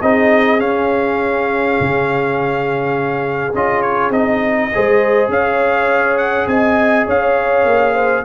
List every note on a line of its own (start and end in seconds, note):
0.00 0.60 C4
0.00 0.59 D#4
0.00 4.71 G#4
0.00 0.60 D#5
0.59 3.53 C#4
0.59 1.78 C#4
0.59 3.54 F5
1.80 3.54 C#3
3.54 4.10 C#4
3.54 4.12 F4
3.54 3.82 D#5
3.82 4.11 C#5
4.10 4.69 C4
4.10 4.71 D#4
4.10 5.30 D#5
4.74 5.29 G#3
4.74 8.25 G#4
4.74 5.31 C5
5.29 6.46 C#4
5.29 6.49 C#5
5.29 6.18 F5
6.18 6.47 F#5
6.47 7.06 C4
6.47 7.07 D#5
6.47 7.07 G#5
7.07 7.65 C#4
7.07 7.94 C#5
7.07 8.25 F5
7.65 8.24 A#3
7.94 8.24 C5